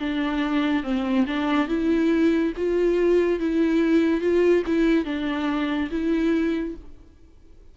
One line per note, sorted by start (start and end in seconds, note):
0.00 0.83 D4
0.83 1.26 C4
1.27 1.68 D4
1.68 2.53 E4
2.57 3.40 F4
3.40 4.21 E4
4.21 4.63 F4
4.67 5.05 E4
5.05 5.90 D4
5.91 6.75 E4